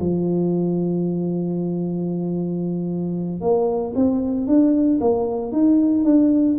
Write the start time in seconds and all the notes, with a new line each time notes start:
0.00 F3
3.42 A#3
3.96 C4
4.47 D4
5.01 A#3
5.52 D#4
6.05 D4